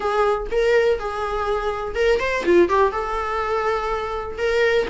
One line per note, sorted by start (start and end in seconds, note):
0.00 0.47 G#4
0.51 0.99 A#4
0.99 1.95 G#4
1.95 2.19 A#4
2.19 2.43 C5
2.45 2.68 F4
2.68 2.92 G4
2.92 4.38 A4
4.38 4.86 A#4